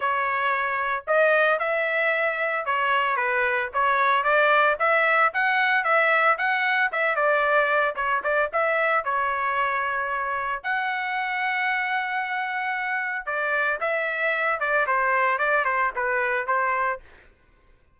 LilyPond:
\new Staff \with { instrumentName = "trumpet" } { \time 4/4 \tempo 4 = 113 cis''2 dis''4 e''4~ | e''4 cis''4 b'4 cis''4 | d''4 e''4 fis''4 e''4 | fis''4 e''8 d''4. cis''8 d''8 |
e''4 cis''2. | fis''1~ | fis''4 d''4 e''4. d''8 | c''4 d''8 c''8 b'4 c''4 | }